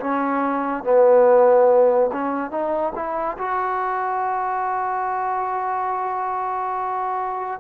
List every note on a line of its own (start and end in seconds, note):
0.00 0.84 C#4
0.84 2.10 B3
2.13 2.51 C#4
2.51 2.93 D#4
2.95 3.38 E4
3.38 7.61 F#4